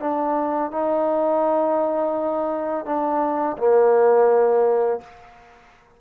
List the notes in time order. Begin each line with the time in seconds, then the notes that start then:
0.00 D4
0.71 D#4
2.85 D4
3.58 A#3